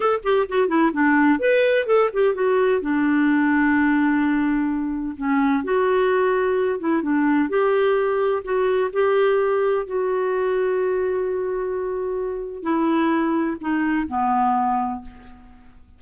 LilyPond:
\new Staff \with { instrumentName = "clarinet" } { \time 4/4 \tempo 4 = 128 a'8 g'8 fis'8 e'8 d'4 b'4 | a'8 g'8 fis'4 d'2~ | d'2. cis'4 | fis'2~ fis'8 e'8 d'4 |
g'2 fis'4 g'4~ | g'4 fis'2.~ | fis'2. e'4~ | e'4 dis'4 b2 | }